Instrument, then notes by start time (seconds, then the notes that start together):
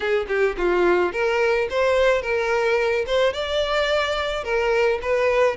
violin
0.00 G#4
0.28 G4
0.57 F4
1.12 A#4
1.69 C5
2.22 A#4
3.06 C5
3.33 D5
4.43 A#4
5.02 B4